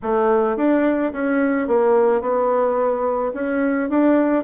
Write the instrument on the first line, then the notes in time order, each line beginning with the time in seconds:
bassoon
0.02 A3
0.57 D4
1.12 C#4
1.67 A#3
2.21 B3
3.34 C#4
3.89 D4